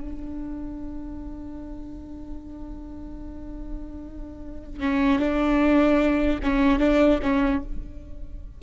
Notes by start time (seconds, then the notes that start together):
0.00 D4
4.79 C#4
5.19 D4
6.42 C#4
6.79 D4
7.22 C#4